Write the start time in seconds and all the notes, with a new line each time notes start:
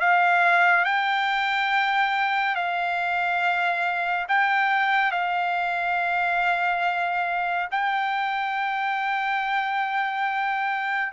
0.00 F5
0.85 G5
2.55 F5
4.28 G5
5.12 F5
7.71 G5